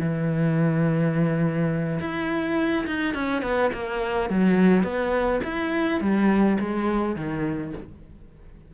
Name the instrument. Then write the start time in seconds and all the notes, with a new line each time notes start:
cello
0.00 E3
2.01 E4
2.87 D#4
3.15 C#4
3.43 B3
3.74 A#3
4.30 F#3
4.84 B3
5.44 E4
6.01 G3
6.60 G#3
7.16 D#3